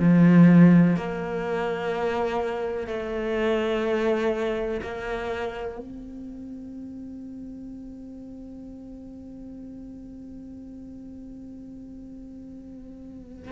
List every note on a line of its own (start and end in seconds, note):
0.00 0.97 F3
0.97 2.88 A#3
2.88 4.81 A3
4.82 5.79 A#3
5.79 13.52 C4